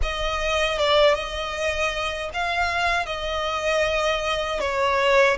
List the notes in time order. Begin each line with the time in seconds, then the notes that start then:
0.02 D#5
0.78 D5
1.14 D#5
2.33 F5
3.06 D#5
4.60 C#5